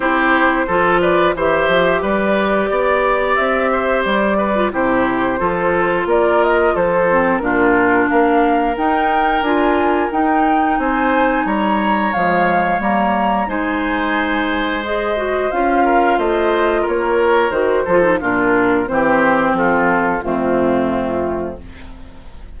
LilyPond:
<<
  \new Staff \with { instrumentName = "flute" } { \time 4/4 \tempo 4 = 89 c''4. d''8 e''4 d''4~ | d''4 e''4 d''4 c''4~ | c''4 d''8 dis''8 c''4 ais'4 | f''4 g''4 gis''4 g''4 |
gis''4 ais''4 f''4 ais''4 | gis''2 dis''4 f''4 | dis''4 cis''4 c''4 ais'4 | c''4 a'4 f'2 | }
  \new Staff \with { instrumentName = "oboe" } { \time 4/4 g'4 a'8 b'8 c''4 b'4 | d''4. c''4 b'8 g'4 | a'4 ais'4 a'4 f'4 | ais'1 |
c''4 cis''2. | c''2.~ c''8 ais'8 | c''4 ais'4. a'8 f'4 | g'4 f'4 c'2 | }
  \new Staff \with { instrumentName = "clarinet" } { \time 4/4 e'4 f'4 g'2~ | g'2~ g'8. f'16 e'4 | f'2~ f'8 c'8 d'4~ | d'4 dis'4 f'4 dis'4~ |
dis'2 gis4 ais4 | dis'2 gis'8 fis'8 f'4~ | f'2 fis'8 f'16 dis'16 d'4 | c'2 a2 | }
  \new Staff \with { instrumentName = "bassoon" } { \time 4/4 c'4 f4 e8 f8 g4 | b4 c'4 g4 c4 | f4 ais4 f4 ais,4 | ais4 dis'4 d'4 dis'4 |
c'4 g4 f4 g4 | gis2. cis'4 | a4 ais4 dis8 f8 ais,4 | e4 f4 f,2 | }
>>